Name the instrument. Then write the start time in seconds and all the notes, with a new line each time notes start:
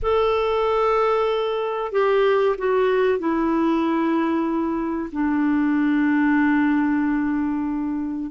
clarinet
0.02 A4
1.91 G4
2.58 F#4
3.18 E4
5.12 D4